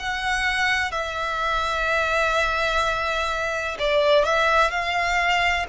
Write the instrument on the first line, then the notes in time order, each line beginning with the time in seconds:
violin
0.00 F#5
0.92 E5
3.80 D5
4.25 E5
4.71 F5